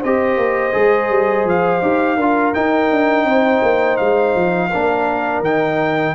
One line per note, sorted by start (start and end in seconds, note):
0.00 0.37 C4
0.00 0.72 G4
0.00 2.17 C5
0.00 1.48 D#5
0.37 0.73 A#3
0.72 1.10 G#3
0.72 1.81 G#4
1.10 1.45 G3
1.45 1.81 F3
1.45 2.54 F5
1.82 2.17 D#4
1.82 2.18 G4
2.17 2.53 D4
2.17 2.54 F4
2.17 3.25 A#4
2.54 4.71 D#4
2.54 2.91 D#4
2.54 3.97 G5
2.91 3.25 D4
3.25 3.61 C4
3.25 4.70 C5
3.62 3.99 A#3
3.97 4.35 G#3
3.97 5.42 F5
4.35 4.71 F3
4.70 5.41 A#3
4.70 5.45 D4
4.70 6.14 A#4
5.41 6.13 D#3
5.41 6.15 D#4
5.41 6.15 G5